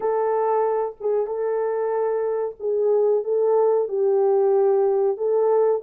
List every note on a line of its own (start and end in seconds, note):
0.00 0.95 A4
1.00 1.26 G#4
1.26 2.55 A4
2.59 3.23 G#4
3.24 3.88 A4
3.88 5.17 G4
5.17 5.81 A4